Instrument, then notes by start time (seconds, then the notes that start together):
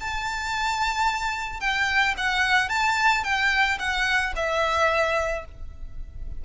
violin
0.00 A5
1.60 G5
2.17 F#5
2.69 A5
3.24 G5
3.79 F#5
4.36 E5